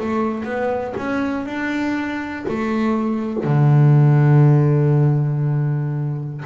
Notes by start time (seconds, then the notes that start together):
0.00 A3
0.45 B3
0.98 C#4
1.46 D4
2.49 A3
3.44 D3